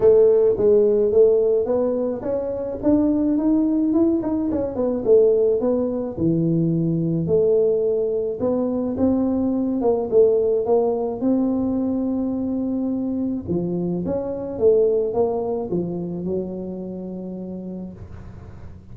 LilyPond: \new Staff \with { instrumentName = "tuba" } { \time 4/4 \tempo 4 = 107 a4 gis4 a4 b4 | cis'4 d'4 dis'4 e'8 dis'8 | cis'8 b8 a4 b4 e4~ | e4 a2 b4 |
c'4. ais8 a4 ais4 | c'1 | f4 cis'4 a4 ais4 | f4 fis2. | }